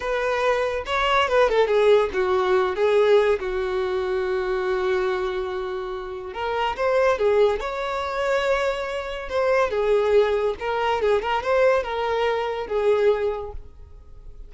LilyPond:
\new Staff \with { instrumentName = "violin" } { \time 4/4 \tempo 4 = 142 b'2 cis''4 b'8 a'8 | gis'4 fis'4. gis'4. | fis'1~ | fis'2. ais'4 |
c''4 gis'4 cis''2~ | cis''2 c''4 gis'4~ | gis'4 ais'4 gis'8 ais'8 c''4 | ais'2 gis'2 | }